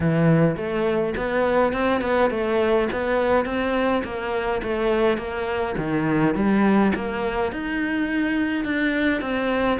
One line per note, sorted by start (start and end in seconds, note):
0.00 0.56 E3
0.56 1.14 A3
1.16 1.72 B3
1.72 2.01 C4
2.01 2.30 B3
2.30 2.88 A3
2.92 3.45 B3
3.45 4.03 C4
4.04 4.61 A#3
4.62 5.17 A3
5.17 5.75 A#3
5.77 6.35 D#3
6.35 6.92 G3
6.95 7.52 A#3
7.52 8.64 D#4
8.64 9.21 D4
9.21 9.78 C4